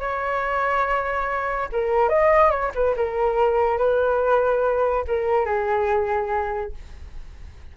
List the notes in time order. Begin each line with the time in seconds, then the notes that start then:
0.00 C#5
1.72 A#4
2.10 D#5
2.51 C#5
2.75 B4
2.97 A#4
3.78 B4
5.08 A#4
5.46 G#4